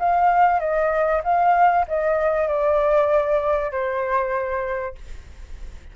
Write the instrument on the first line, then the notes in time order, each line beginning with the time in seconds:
flute
0.00 F5
0.60 D#5
1.24 F5
1.88 D#5
2.48 D5
3.72 C5